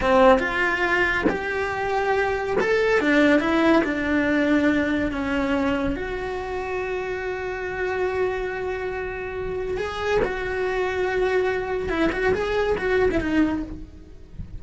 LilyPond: \new Staff \with { instrumentName = "cello" } { \time 4/4 \tempo 4 = 141 c'4 f'2 g'4~ | g'2 a'4 d'4 | e'4 d'2. | cis'2 fis'2~ |
fis'1~ | fis'2. gis'4 | fis'1 | e'8 fis'8 gis'4 fis'8. e'16 dis'4 | }